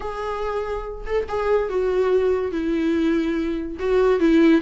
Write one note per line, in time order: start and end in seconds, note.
0.00 1.05 G#4
1.06 1.27 A4
1.28 1.69 G#4
1.69 2.51 F#4
2.51 3.77 E4
3.79 4.19 F#4
4.19 4.61 E4